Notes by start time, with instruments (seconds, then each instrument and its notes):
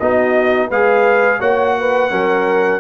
0.00 tuba B3, trombone D#4, horn F#4, trumpet D#5
0.68 tuba G#3, trombone G#4, horn B4, trumpet F5
1.40 tuba A#3, trombone F#4, horn C#5, trumpet F#5
1.79 horn B4
2.10 tuba F#3, trombone C#4, horn A#4